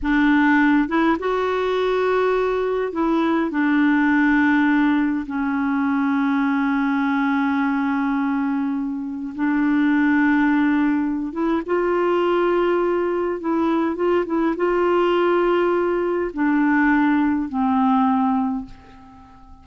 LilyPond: \new Staff \with { instrumentName = "clarinet" } { \time 4/4 \tempo 4 = 103 d'4. e'8 fis'2~ | fis'4 e'4 d'2~ | d'4 cis'2.~ | cis'1 |
d'2.~ d'8 e'8 | f'2. e'4 | f'8 e'8 f'2. | d'2 c'2 | }